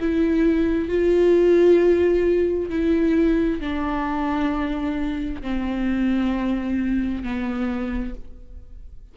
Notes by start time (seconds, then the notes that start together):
0.00 E4
0.89 F4
2.70 E4
3.61 D4
5.42 C4
7.24 B3